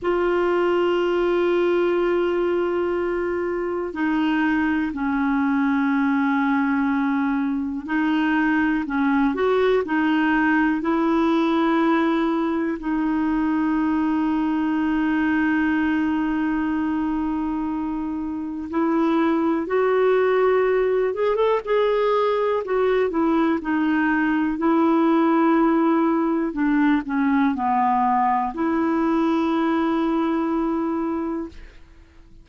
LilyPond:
\new Staff \with { instrumentName = "clarinet" } { \time 4/4 \tempo 4 = 61 f'1 | dis'4 cis'2. | dis'4 cis'8 fis'8 dis'4 e'4~ | e'4 dis'2.~ |
dis'2. e'4 | fis'4. gis'16 a'16 gis'4 fis'8 e'8 | dis'4 e'2 d'8 cis'8 | b4 e'2. | }